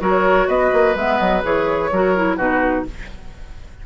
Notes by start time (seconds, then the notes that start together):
0.00 F#3 F#4 A#4 C#5
0.48 B3 B4 D#5
0.73 A#3
0.95 G#3 B3 E5
1.19 F#3 D#5
1.43 E3 G#4 C#5
1.92 F#3 F#4 A#4
2.16 E4
2.37 B2 D#4 F#4 B4